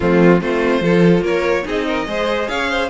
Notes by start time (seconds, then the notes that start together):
0.00 F3 A3 C4 F4
0.41 A3 C4 F4 C5
0.80 F3 F4 A4
1.21 A#3 A#4 C#5
1.63 C4 D#4 G#4 D#5
1.86 A#4
2.06 G#3 G#4 C5
2.48 C#4 C#5 F5
2.70 C5